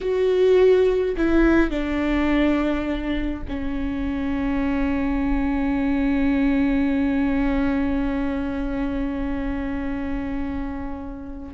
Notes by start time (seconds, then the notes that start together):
0.00 F#4
1.16 E4
1.70 D4
3.48 C#4